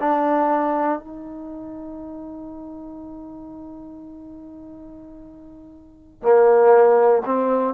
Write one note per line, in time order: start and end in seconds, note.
0.00 0.99 D4
0.99 6.23 D#4
6.23 7.23 A#3
7.26 7.74 C4